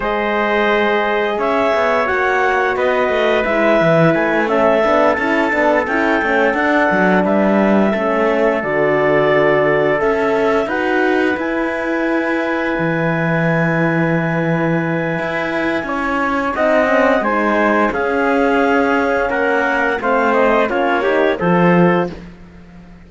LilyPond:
<<
  \new Staff \with { instrumentName = "clarinet" } { \time 4/4 \tempo 4 = 87 dis''2 e''4 fis''4 | dis''4 e''4 gis''8 e''4 a''8~ | a''8 g''4 fis''4 e''4.~ | e''8 d''2 e''4 fis''8~ |
fis''8 gis''2.~ gis''8~ | gis''1 | fis''4 gis''4 f''2 | fis''4 f''8 dis''8 cis''4 c''4 | }
  \new Staff \with { instrumentName = "trumpet" } { \time 4/4 c''2 cis''2 | b'2~ b'8 a'4.~ | a'2~ a'8 b'4 a'8~ | a'2.~ a'8 b'8~ |
b'1~ | b'2. cis''4 | dis''4 c''4 gis'2 | ais'4 c''4 f'8 g'8 a'4 | }
  \new Staff \with { instrumentName = "horn" } { \time 4/4 gis'2. fis'4~ | fis'4 e'4. cis'8 d'8 e'8 | d'8 e'8 cis'8 d'2 cis'8~ | cis'8 fis'2 a'4 fis'8~ |
fis'8 e'2.~ e'8~ | e'1 | dis'8 cis'8 dis'4 cis'2~ | cis'4 c'4 cis'8 dis'8 f'4 | }
  \new Staff \with { instrumentName = "cello" } { \time 4/4 gis2 cis'8 b8 ais4 | b8 a8 gis8 e8 a4 b8 cis'8 | b8 cis'8 a8 d'8 fis8 g4 a8~ | a8 d2 cis'4 dis'8~ |
dis'8 e'2 e4.~ | e2 e'4 cis'4 | c'4 gis4 cis'2 | ais4 a4 ais4 f4 | }
>>